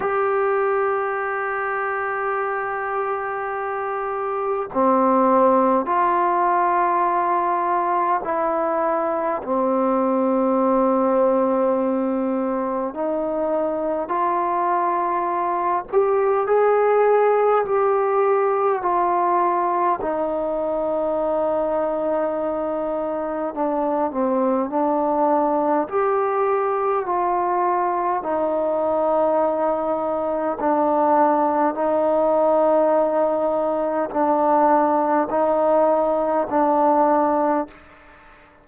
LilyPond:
\new Staff \with { instrumentName = "trombone" } { \time 4/4 \tempo 4 = 51 g'1 | c'4 f'2 e'4 | c'2. dis'4 | f'4. g'8 gis'4 g'4 |
f'4 dis'2. | d'8 c'8 d'4 g'4 f'4 | dis'2 d'4 dis'4~ | dis'4 d'4 dis'4 d'4 | }